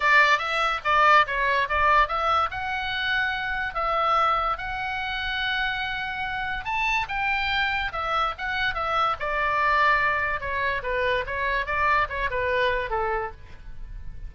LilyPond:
\new Staff \with { instrumentName = "oboe" } { \time 4/4 \tempo 4 = 144 d''4 e''4 d''4 cis''4 | d''4 e''4 fis''2~ | fis''4 e''2 fis''4~ | fis''1 |
a''4 g''2 e''4 | fis''4 e''4 d''2~ | d''4 cis''4 b'4 cis''4 | d''4 cis''8 b'4. a'4 | }